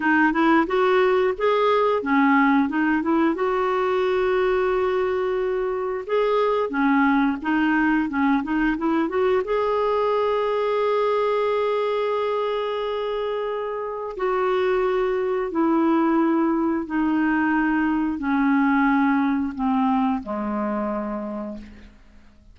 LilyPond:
\new Staff \with { instrumentName = "clarinet" } { \time 4/4 \tempo 4 = 89 dis'8 e'8 fis'4 gis'4 cis'4 | dis'8 e'8 fis'2.~ | fis'4 gis'4 cis'4 dis'4 | cis'8 dis'8 e'8 fis'8 gis'2~ |
gis'1~ | gis'4 fis'2 e'4~ | e'4 dis'2 cis'4~ | cis'4 c'4 gis2 | }